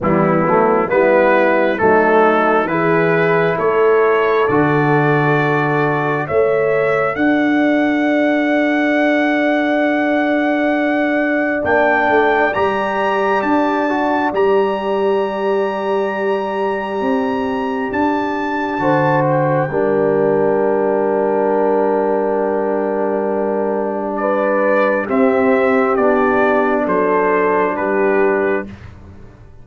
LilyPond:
<<
  \new Staff \with { instrumentName = "trumpet" } { \time 4/4 \tempo 4 = 67 e'4 b'4 a'4 b'4 | cis''4 d''2 e''4 | fis''1~ | fis''4 g''4 ais''4 a''4 |
ais''1 | a''4. g''2~ g''8~ | g''2. d''4 | e''4 d''4 c''4 b'4 | }
  \new Staff \with { instrumentName = "horn" } { \time 4/4 b4 e'4 dis'4 gis'4 | a'2. cis''4 | d''1~ | d''1~ |
d''1~ | d''4 c''4 ais'2~ | ais'2. b'4 | g'2 a'4 g'4 | }
  \new Staff \with { instrumentName = "trombone" } { \time 4/4 g8 a8 b4 a4 e'4~ | e'4 fis'2 a'4~ | a'1~ | a'4 d'4 g'4. fis'8 |
g'1~ | g'4 fis'4 d'2~ | d'1 | c'4 d'2. | }
  \new Staff \with { instrumentName = "tuba" } { \time 4/4 e8 fis8 g4 fis4 e4 | a4 d2 a4 | d'1~ | d'4 ais8 a8 g4 d'4 |
g2. c'4 | d'4 d4 g2~ | g1 | c'4 b4 fis4 g4 | }
>>